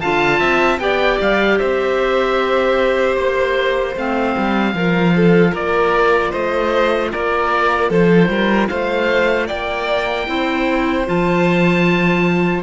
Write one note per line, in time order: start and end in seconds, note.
0.00 0.40 D3
0.00 0.79 F4
0.00 0.39 F5
0.00 0.79 A5
0.39 0.78 C4
0.39 0.79 E5
0.78 1.18 B3
0.78 3.95 G4
0.78 1.58 D5
0.78 1.18 G5
1.20 1.60 G3
1.20 1.58 F5
1.58 3.16 C4
1.58 4.74 C5
1.58 3.15 E5
3.15 3.95 A#3
3.15 3.94 C5
3.95 4.35 A3
3.95 4.73 C4
3.95 5.55 F5
4.37 4.73 G3
4.73 5.52 F3
4.73 10.26 F4
4.73 5.14 A#4
5.16 5.51 A4
5.51 6.32 A#3
5.51 6.30 A#4
5.51 6.32 D5
6.30 7.12 A3
6.30 7.09 C5
6.30 7.11 D#5
7.11 7.90 A#3
7.11 7.89 A#4
7.11 7.91 D5
7.89 8.28 F3
7.89 8.29 A4
7.89 8.68 C5
8.28 8.68 G3
8.28 8.69 A#4
8.68 9.50 A3
8.68 9.46 C5
8.68 9.47 F5
9.46 10.28 A#3
9.46 10.25 D5
9.46 11.05 G5
10.26 11.07 C4
10.26 11.05 E4
10.26 12.63 C5
11.05 12.63 F3
11.05 12.62 F4
11.05 12.63 A5